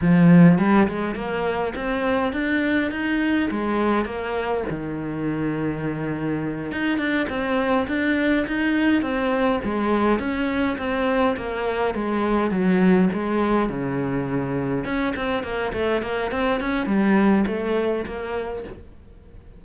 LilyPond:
\new Staff \with { instrumentName = "cello" } { \time 4/4 \tempo 4 = 103 f4 g8 gis8 ais4 c'4 | d'4 dis'4 gis4 ais4 | dis2.~ dis8 dis'8 | d'8 c'4 d'4 dis'4 c'8~ |
c'8 gis4 cis'4 c'4 ais8~ | ais8 gis4 fis4 gis4 cis8~ | cis4. cis'8 c'8 ais8 a8 ais8 | c'8 cis'8 g4 a4 ais4 | }